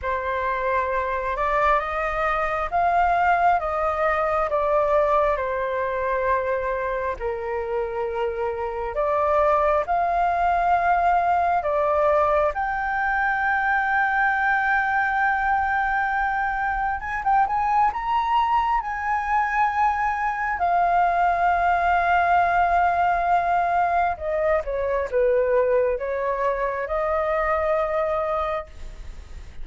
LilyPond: \new Staff \with { instrumentName = "flute" } { \time 4/4 \tempo 4 = 67 c''4. d''8 dis''4 f''4 | dis''4 d''4 c''2 | ais'2 d''4 f''4~ | f''4 d''4 g''2~ |
g''2. gis''16 g''16 gis''8 | ais''4 gis''2 f''4~ | f''2. dis''8 cis''8 | b'4 cis''4 dis''2 | }